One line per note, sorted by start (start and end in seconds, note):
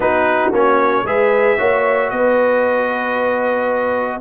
0.00 0.50 B3
0.00 0.53 D#4
0.00 1.05 F#4
0.00 0.52 B4
0.51 1.03 A#3
0.51 1.05 C#4
0.51 1.06 C#5
1.04 1.56 G#3
1.04 1.58 G#4
1.04 1.58 B4
1.04 2.10 E5
1.58 2.11 A#3
1.58 4.20 F#4
1.58 2.10 C#5
2.10 4.20 B3
2.10 4.20 B4
2.10 4.20 D#5